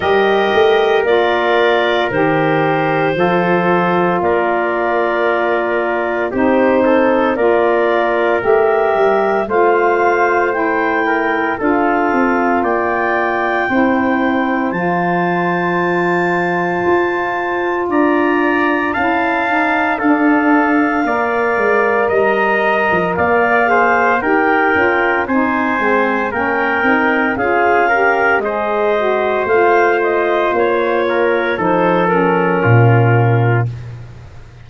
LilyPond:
<<
  \new Staff \with { instrumentName = "clarinet" } { \time 4/4 \tempo 4 = 57 dis''4 d''4 c''2 | d''2 c''4 d''4 | e''4 f''4 g''4 f''4 | g''2 a''2~ |
a''4 ais''4 a''4 f''4~ | f''4 ais''4 f''4 g''4 | gis''4 g''4 f''4 dis''4 | f''8 dis''8 cis''4 c''8 ais'4. | }
  \new Staff \with { instrumentName = "trumpet" } { \time 4/4 ais'2. a'4 | ais'2 g'8 a'8 ais'4~ | ais'4 c''4. ais'8 a'4 | d''4 c''2.~ |
c''4 d''4 f''4 a'4 | d''4 dis''4 d''8 c''8 ais'4 | c''4 ais'4 gis'8 ais'8 c''4~ | c''4. ais'8 a'4 f'4 | }
  \new Staff \with { instrumentName = "saxophone" } { \time 4/4 g'4 f'4 g'4 f'4~ | f'2 dis'4 f'4 | g'4 f'4 e'4 f'4~ | f'4 e'4 f'2~ |
f'2 e'8 dis'8 d'4 | ais'2~ ais'8 gis'8 g'8 f'8 | dis'8 c'8 cis'8 dis'8 f'8 g'8 gis'8 fis'8 | f'2 dis'8 cis'4. | }
  \new Staff \with { instrumentName = "tuba" } { \time 4/4 g8 a8 ais4 dis4 f4 | ais2 c'4 ais4 | a8 g8 a2 d'8 c'8 | ais4 c'4 f2 |
f'4 d'4 cis'4 d'4 | ais8 gis8 g8. f16 ais4 dis'8 cis'8 | c'8 gis8 ais8 c'8 cis'4 gis4 | a4 ais4 f4 ais,4 | }
>>